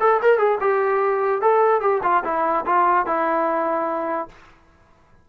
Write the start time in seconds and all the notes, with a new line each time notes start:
0.00 A4
0.22 A#4
0.38 G#4
0.61 G4
1.41 A4
1.81 G4
2.03 F4
2.24 E4
2.66 F4
3.06 E4